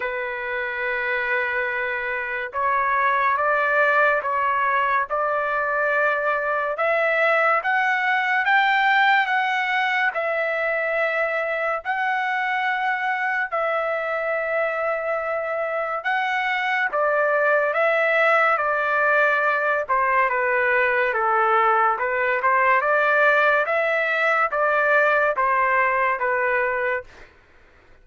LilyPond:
\new Staff \with { instrumentName = "trumpet" } { \time 4/4 \tempo 4 = 71 b'2. cis''4 | d''4 cis''4 d''2 | e''4 fis''4 g''4 fis''4 | e''2 fis''2 |
e''2. fis''4 | d''4 e''4 d''4. c''8 | b'4 a'4 b'8 c''8 d''4 | e''4 d''4 c''4 b'4 | }